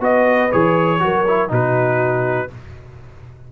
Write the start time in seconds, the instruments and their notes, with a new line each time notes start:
0.00 tuba B3, trombone F#4, horn B4, trumpet D#5
0.51 tuba E3, trombone G#4, trumpet C#5
0.99 tuba F#3, trombone F#4, horn A#4
1.27 trombone E4
1.48 tuba B2, trombone D#4, horn F#4, trumpet B4